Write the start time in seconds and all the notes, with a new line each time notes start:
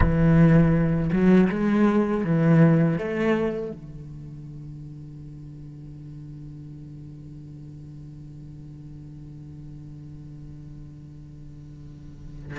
0.00 E3
1.12 F#3
1.49 G#3
2.24 E3
2.98 A3
3.71 D3